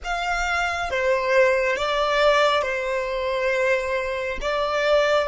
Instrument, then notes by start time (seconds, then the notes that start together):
violin
0.04 F5
0.90 C5
1.76 D5
2.62 C5
4.41 D5